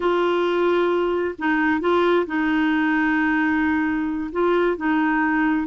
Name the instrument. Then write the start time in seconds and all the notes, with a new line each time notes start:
clarinet
0.00 F4
1.38 D#4
1.80 F4
2.26 D#4
4.32 F4
4.76 D#4